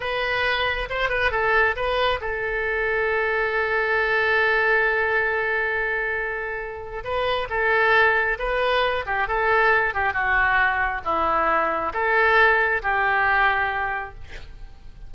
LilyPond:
\new Staff \with { instrumentName = "oboe" } { \time 4/4 \tempo 4 = 136 b'2 c''8 b'8 a'4 | b'4 a'2.~ | a'1~ | a'1 |
b'4 a'2 b'4~ | b'8 g'8 a'4. g'8 fis'4~ | fis'4 e'2 a'4~ | a'4 g'2. | }